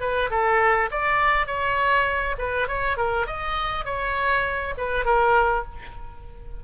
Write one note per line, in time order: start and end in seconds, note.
0.00 0.30 B4
0.30 0.90 A4
0.91 1.47 D5
1.47 2.36 C#5
2.38 2.68 B4
2.68 2.97 C#5
2.97 3.27 A#4
3.27 3.85 D#5
3.85 4.74 C#5
4.77 5.05 B4
5.05 5.64 A#4